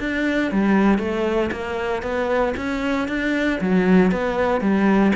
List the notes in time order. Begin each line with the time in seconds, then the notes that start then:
0.00 D4
0.52 G3
0.99 A3
1.52 A#3
2.02 B3
2.57 C#4
3.08 D4
3.61 F#3
4.12 B3
4.61 G3